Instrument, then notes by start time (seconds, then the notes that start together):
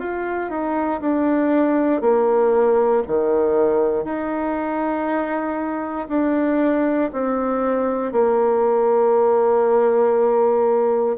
bassoon
0.00 F4
0.50 D#4
1.01 D4
2.02 A#3
3.07 D#3
4.05 D#4
6.09 D4
7.13 C4
8.13 A#3